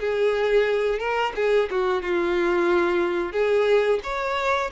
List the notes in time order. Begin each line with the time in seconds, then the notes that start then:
0.00 G#4
0.99 A#4
1.36 G#4
1.71 F#4
2.02 F4
3.32 G#4
4.03 C#5